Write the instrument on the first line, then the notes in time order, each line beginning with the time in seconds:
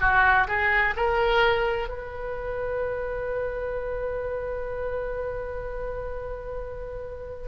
oboe
0.00 F#4
0.47 G#4
0.96 A#4
1.88 B4